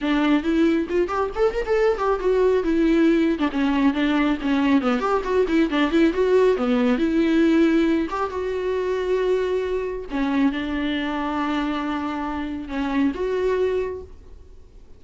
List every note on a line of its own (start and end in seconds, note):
0.01 0.43 D4
0.43 0.86 E4
0.89 1.07 F4
1.07 1.29 G4
1.35 1.53 A4
1.53 1.64 A#4
1.65 1.97 A4
1.97 2.19 G4
2.19 2.63 F#4
2.63 3.38 E4
3.38 3.49 D4
3.51 3.93 C#4
3.93 4.37 D4
4.41 4.81 C#4
4.81 4.99 B3
4.99 5.21 G4
5.24 5.46 F#4
5.48 5.70 E4
5.70 5.91 D4
5.91 6.13 E4
6.13 6.57 F#4
6.57 6.98 B3
6.98 8.07 E4
8.10 8.30 G4
8.30 10.05 F#4
10.10 10.51 C#4
10.51 12.68 D4
12.68 13.12 C#4
13.14 14.02 F#4